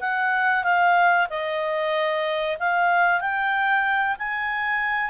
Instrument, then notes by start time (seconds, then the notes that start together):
clarinet
0.00 F#5
0.64 F5
1.29 D#5
2.59 F5
3.21 G5
4.18 G#5